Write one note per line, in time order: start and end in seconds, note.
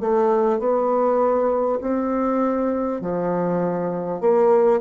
0.00 0.58 A3
0.58 1.78 B3
1.81 3.01 C4
3.01 4.20 F3
4.20 4.80 A#3